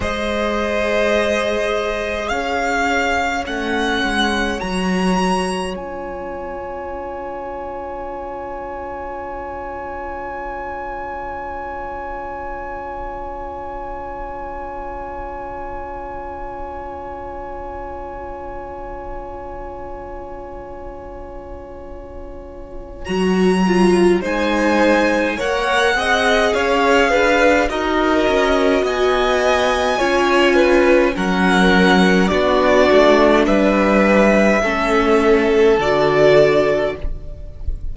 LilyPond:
<<
  \new Staff \with { instrumentName = "violin" } { \time 4/4 \tempo 4 = 52 dis''2 f''4 fis''4 | ais''4 gis''2.~ | gis''1~ | gis''1~ |
gis''1 | ais''4 gis''4 fis''4 f''4 | dis''4 gis''2 fis''4 | d''4 e''2 d''4 | }
  \new Staff \with { instrumentName = "violin" } { \time 4/4 c''2 cis''2~ | cis''1~ | cis''1~ | cis''1~ |
cis''1~ | cis''4 c''4 cis''8 dis''8 cis''8 b'8 | ais'4 dis''4 cis''8 b'8 ais'4 | fis'4 b'4 a'2 | }
  \new Staff \with { instrumentName = "viola" } { \time 4/4 gis'2. cis'4 | fis'4 f'2.~ | f'1~ | f'1~ |
f'1 | fis'8 f'8 dis'4 ais'8 gis'4. | fis'2 f'4 cis'4 | d'2 cis'4 fis'4 | }
  \new Staff \with { instrumentName = "cello" } { \time 4/4 gis2 cis'4 a8 gis8 | fis4 cis'2.~ | cis'1~ | cis'1~ |
cis'1 | fis4 gis4 ais8 c'8 cis'8 d'8 | dis'8 cis'8 b4 cis'4 fis4 | b8 a8 g4 a4 d4 | }
>>